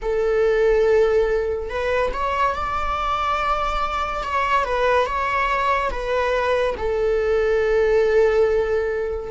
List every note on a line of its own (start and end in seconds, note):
0.02 1.69 A4
1.69 2.11 B4
2.13 2.54 C#5
2.54 4.23 D5
4.23 4.64 C#5
4.64 5.06 B4
5.06 5.90 C#5
5.90 6.75 B4
6.77 9.31 A4